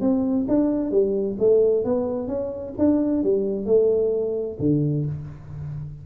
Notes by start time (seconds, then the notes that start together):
0.00 C4
0.48 D4
0.91 G3
1.38 A3
1.84 B3
2.28 C#4
2.78 D4
3.23 G3
3.65 A3
4.59 D3